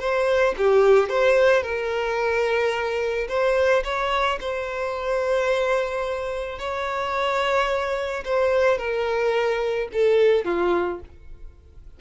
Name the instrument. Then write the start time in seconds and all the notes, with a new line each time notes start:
violin
0.00 C5
0.58 G4
1.09 C5
1.63 A#4
3.29 C5
3.84 C#5
4.41 C5
6.59 C#5
8.25 C5
8.78 A#4
9.93 A4
10.45 F4